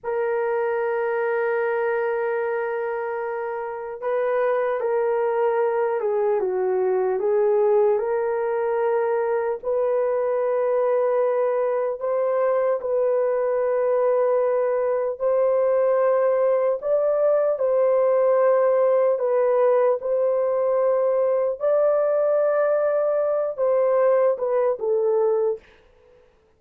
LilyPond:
\new Staff \with { instrumentName = "horn" } { \time 4/4 \tempo 4 = 75 ais'1~ | ais'4 b'4 ais'4. gis'8 | fis'4 gis'4 ais'2 | b'2. c''4 |
b'2. c''4~ | c''4 d''4 c''2 | b'4 c''2 d''4~ | d''4. c''4 b'8 a'4 | }